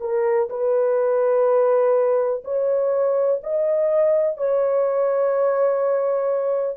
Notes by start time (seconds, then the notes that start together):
0.00 A#4
0.49 B4
2.44 C#5
3.43 D#5
4.37 C#5